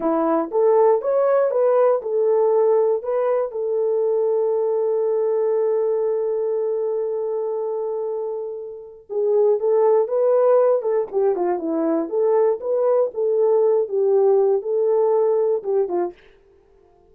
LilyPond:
\new Staff \with { instrumentName = "horn" } { \time 4/4 \tempo 4 = 119 e'4 a'4 cis''4 b'4 | a'2 b'4 a'4~ | a'1~ | a'1~ |
a'2 gis'4 a'4 | b'4. a'8 g'8 f'8 e'4 | a'4 b'4 a'4. g'8~ | g'4 a'2 g'8 f'8 | }